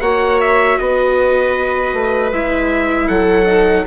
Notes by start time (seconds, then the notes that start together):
0.00 A#3 F#4 C#5 F#5
0.40 E5
0.78 B3 B4 D#5
1.93 A3
2.32 G#3 E4 E5
3.08 F#3 A4 F#5
3.45 D#4